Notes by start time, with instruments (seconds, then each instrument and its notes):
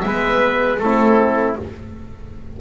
0.00 double bass G#3, horn B3, oboe E5
0.06 trumpet B4
0.79 double bass A3, horn C4, trumpet E4, oboe A4